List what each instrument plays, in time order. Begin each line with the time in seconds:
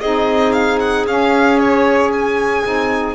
0.00 double bass C4, saxophone D#4, clarinet G#4, violin D#5
0.52 violin F5
0.79 violin F#5
1.06 double bass C#4, saxophone C#4, violin F5
1.59 violin C#5
2.13 violin G#5
2.64 double bass C4, saxophone D#4